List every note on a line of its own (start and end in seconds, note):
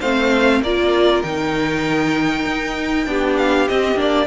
0.00 0.61 A3
0.00 0.63 C4
0.00 0.61 C5
0.00 0.61 F5
0.61 1.22 A#3
0.61 1.24 F4
0.61 3.08 A#4
0.61 1.22 D5
1.22 2.45 D#3
1.22 3.06 D#4
1.22 3.36 G5
2.45 3.06 D#4
3.06 3.67 B3
3.06 3.67 D4
3.06 4.27 G4
3.37 3.68 F5
3.68 3.96 C4
3.68 3.95 C4
3.68 3.99 D#5
3.95 4.26 A#3
3.95 4.26 D4
3.95 4.27 D5